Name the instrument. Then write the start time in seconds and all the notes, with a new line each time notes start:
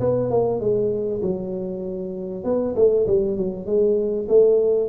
tuba
0.00 B3
0.31 A#3
0.60 G#3
1.22 F#3
2.44 B3
2.76 A3
3.07 G3
3.37 F#3
3.66 G#3
4.29 A3